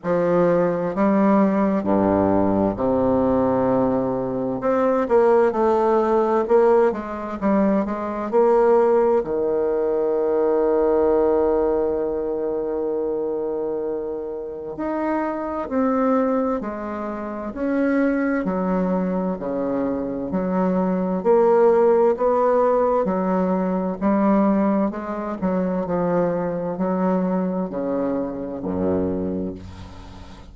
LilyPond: \new Staff \with { instrumentName = "bassoon" } { \time 4/4 \tempo 4 = 65 f4 g4 g,4 c4~ | c4 c'8 ais8 a4 ais8 gis8 | g8 gis8 ais4 dis2~ | dis1 |
dis'4 c'4 gis4 cis'4 | fis4 cis4 fis4 ais4 | b4 fis4 g4 gis8 fis8 | f4 fis4 cis4 fis,4 | }